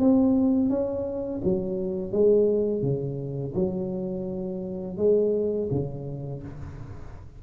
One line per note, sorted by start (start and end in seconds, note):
0.00 0.70 C4
0.70 1.42 C#4
1.44 2.12 F#3
2.12 2.82 G#3
2.82 3.54 C#3
3.55 4.98 F#3
4.98 5.69 G#3
5.72 6.43 C#3